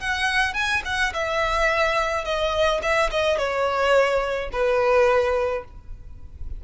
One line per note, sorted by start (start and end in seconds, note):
0.00 0.54 F#5
0.54 0.82 G#5
0.85 1.13 F#5
1.13 2.25 E5
2.25 2.81 D#5
2.82 3.10 E5
3.10 3.37 D#5
3.37 4.49 C#5
4.52 5.64 B4